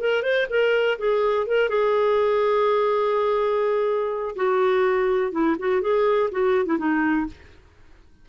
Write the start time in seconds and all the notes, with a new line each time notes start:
0.00 A#4
0.23 C5
0.50 A#4
0.99 G#4
1.47 A#4
1.70 G#4
4.36 F#4
5.32 E4
5.60 F#4
5.82 G#4
6.32 F#4
6.66 E4
6.79 D#4